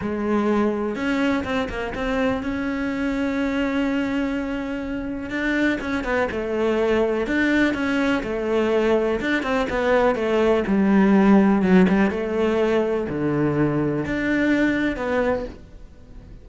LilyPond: \new Staff \with { instrumentName = "cello" } { \time 4/4 \tempo 4 = 124 gis2 cis'4 c'8 ais8 | c'4 cis'2.~ | cis'2. d'4 | cis'8 b8 a2 d'4 |
cis'4 a2 d'8 c'8 | b4 a4 g2 | fis8 g8 a2 d4~ | d4 d'2 b4 | }